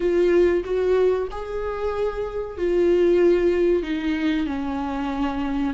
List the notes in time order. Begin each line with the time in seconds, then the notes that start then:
0.00 F4
0.64 F#4
1.31 G#4
2.57 F4
3.82 D#4
4.46 C#4